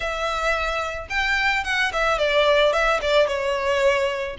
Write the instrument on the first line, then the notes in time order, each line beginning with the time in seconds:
violin
0.00 E5
1.09 G5
1.64 F#5
1.92 E5
2.18 D5
2.72 E5
3.01 D5
3.27 C#5